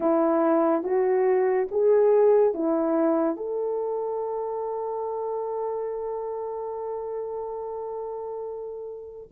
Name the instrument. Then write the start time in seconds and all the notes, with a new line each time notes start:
horn
0.00 E4
0.83 F#4
1.71 G#4
2.54 E4
3.36 A4